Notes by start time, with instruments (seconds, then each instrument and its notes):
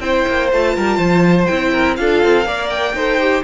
0.00 cello C4, viola E4, violin C5 G5
0.28 cello A#3
0.52 cello A3, viola F4, violin A5
0.76 cello G3, violin A#4
0.97 cello F3, violin C5
1.46 cello C4, viola E4, violin G5
1.72 violin A#4
1.96 cello D4, viola F4, violin A4 F5
2.23 cello C4
2.45 cello A#3, viola A#4, violin D5
2.70 violin G5
2.94 cello D#4, viola A4, violin C5
3.19 viola G4